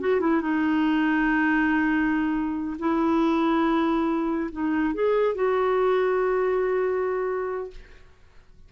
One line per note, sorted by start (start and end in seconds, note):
0.00 0.20 F#4
0.20 0.41 E4
0.41 2.77 D#4
2.79 4.50 E4
4.52 4.94 D#4
4.94 5.35 G#4
5.35 7.70 F#4